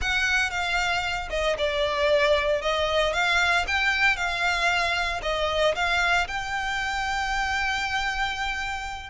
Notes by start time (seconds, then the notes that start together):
0.01 F#5
0.50 F5
1.30 D#5
1.58 D5
2.61 D#5
3.13 F5
3.67 G5
4.16 F5
5.22 D#5
5.75 F5
6.27 G5